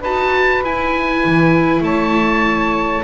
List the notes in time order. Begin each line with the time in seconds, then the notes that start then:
0.00 D#4 F#4 B4 A5
0.63 E4 G#5
1.25 E3
1.81 A3 C#5 A5